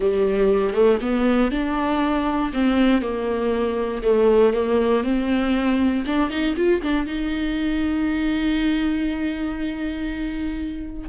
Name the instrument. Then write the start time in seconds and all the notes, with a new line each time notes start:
viola
0.00 G3
0.73 A3
1.01 B3
1.51 D4
2.53 C4
3.01 A#3
4.02 A3
4.53 A#3
5.03 C4
6.06 D4
6.30 D#4
6.56 F4
6.82 D4
7.06 D#4